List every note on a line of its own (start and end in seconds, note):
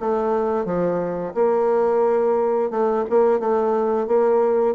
0.00 0.65 A3
0.65 1.33 F3
1.34 2.70 A#3
2.70 3.04 A3
3.09 3.39 A#3
3.39 4.07 A3
4.07 4.75 A#3